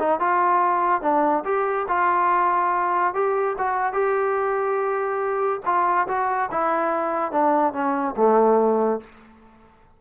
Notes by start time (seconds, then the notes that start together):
0.00 D#4
0.20 F4
1.02 D4
1.45 G4
1.89 F4
3.15 G4
3.59 F#4
3.93 G4
5.66 F4
6.08 F#4
6.52 E4
7.32 D4
7.74 C#4
8.17 A3